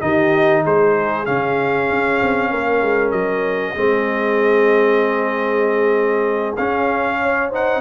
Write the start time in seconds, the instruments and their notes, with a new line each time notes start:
0.00 tuba D#3, trombone D#4, horn G4, trumpet D#5
0.62 tuba G#3, horn G#4, trumpet C5
1.25 tuba C#3, trombone C#4, trumpet F5
1.90 tuba C#4
2.21 tuba C4
2.51 tuba A#3, horn A#4
2.82 tuba G#3
3.11 tuba F#3, trumpet D#5
3.74 tuba G#3, trombone C4, horn G#4
6.56 trombone C#4, tuba C#4, trumpet F5
7.22 horn C#5
7.49 trombone D#4, horn C5, trumpet F#5